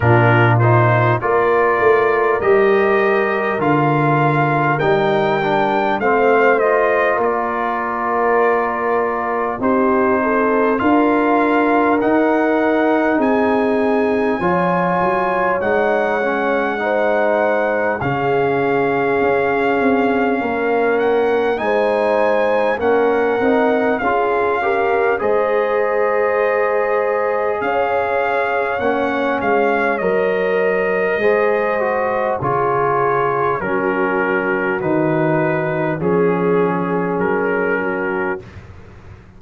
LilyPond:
<<
  \new Staff \with { instrumentName = "trumpet" } { \time 4/4 \tempo 4 = 50 ais'8 c''8 d''4 dis''4 f''4 | g''4 f''8 dis''8 d''2 | c''4 f''4 fis''4 gis''4~ | gis''4 fis''2 f''4~ |
f''4. fis''8 gis''4 fis''4 | f''4 dis''2 f''4 | fis''8 f''8 dis''2 cis''4 | ais'4 b'4 gis'4 ais'4 | }
  \new Staff \with { instrumentName = "horn" } { \time 4/4 f'4 ais'2.~ | ais'4 c''4 ais'2 | g'8 a'8 ais'2 gis'4 | cis''2 c''4 gis'4~ |
gis'4 ais'4 c''4 ais'4 | gis'8 ais'8 c''2 cis''4~ | cis''2 c''4 gis'4 | fis'2 gis'4. fis'8 | }
  \new Staff \with { instrumentName = "trombone" } { \time 4/4 d'8 dis'8 f'4 g'4 f'4 | dis'8 d'8 c'8 f'2~ f'8 | dis'4 f'4 dis'2 | f'4 dis'8 cis'8 dis'4 cis'4~ |
cis'2 dis'4 cis'8 dis'8 | f'8 g'8 gis'2. | cis'4 ais'4 gis'8 fis'8 f'4 | cis'4 dis'4 cis'2 | }
  \new Staff \with { instrumentName = "tuba" } { \time 4/4 ais,4 ais8 a8 g4 d4 | g4 a4 ais2 | c'4 d'4 dis'4 c'4 | f8 fis8 gis2 cis4 |
cis'8 c'8 ais4 gis4 ais8 c'8 | cis'4 gis2 cis'4 | ais8 gis8 fis4 gis4 cis4 | fis4 dis4 f4 fis4 | }
>>